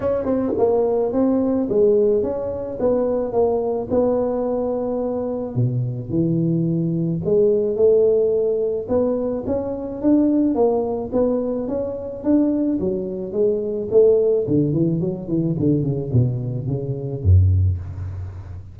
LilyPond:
\new Staff \with { instrumentName = "tuba" } { \time 4/4 \tempo 4 = 108 cis'8 c'8 ais4 c'4 gis4 | cis'4 b4 ais4 b4~ | b2 b,4 e4~ | e4 gis4 a2 |
b4 cis'4 d'4 ais4 | b4 cis'4 d'4 fis4 | gis4 a4 d8 e8 fis8 e8 | d8 cis8 b,4 cis4 fis,4 | }